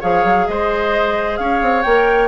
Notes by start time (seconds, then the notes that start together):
0.00 F3 G#4 C#5 F5
0.24 F#3
0.47 G#3 C5 D#5
1.37 C#4 C#5 F5
1.62 C4
1.82 A#3 A#4 G5